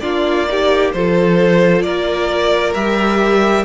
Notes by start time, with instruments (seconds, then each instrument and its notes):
0.00 cello A#3, viola D4, violin F4 D5
0.48 viola D#4, violin G4
0.93 cello F3, viola F4, violin A4 C5
1.82 cello A#3, violin A#4 D5
2.74 cello G3, viola G4, violin E5